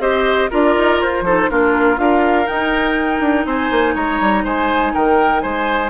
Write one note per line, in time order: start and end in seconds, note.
0.00 0.49 C4
0.00 0.51 G4
0.00 0.51 C5
0.00 0.50 D#5
0.51 0.77 D4
0.51 1.24 F4
0.51 1.24 A#4
0.51 1.02 D5
0.77 1.02 D#4
1.02 1.22 F4
1.02 1.51 C5
1.22 1.47 F3
1.22 1.50 D#4
1.22 1.50 A4
1.50 1.98 A#3
1.50 1.97 D4
1.50 2.01 F4
1.50 1.99 A#4
1.97 2.48 D4
1.97 2.46 F4
1.97 3.47 A#4
1.97 2.48 F5
2.47 5.90 D#4
2.47 3.21 D#4
2.47 3.46 G5
3.21 3.45 D4
3.46 3.71 C4
3.46 3.95 C5
3.46 3.95 G#5
3.71 3.95 A#3
3.95 4.20 G#3
3.95 4.44 C#5
3.95 4.46 A#5
4.21 4.45 G3
4.44 4.94 G#3
4.44 4.93 C5
4.44 4.95 G#5
4.95 5.44 D#3
4.95 5.43 A#4
4.95 5.41 G5
5.41 5.90 G#3
5.41 5.90 C5
5.41 5.90 G#5